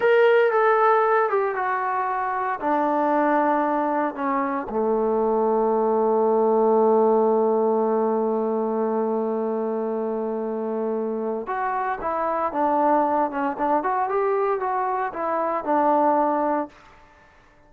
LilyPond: \new Staff \with { instrumentName = "trombone" } { \time 4/4 \tempo 4 = 115 ais'4 a'4. g'8 fis'4~ | fis'4 d'2. | cis'4 a2.~ | a1~ |
a1~ | a2 fis'4 e'4 | d'4. cis'8 d'8 fis'8 g'4 | fis'4 e'4 d'2 | }